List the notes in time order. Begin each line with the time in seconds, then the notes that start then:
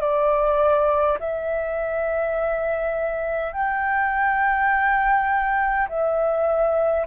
0.00 D5
1.19 E5
3.52 G5
5.88 E5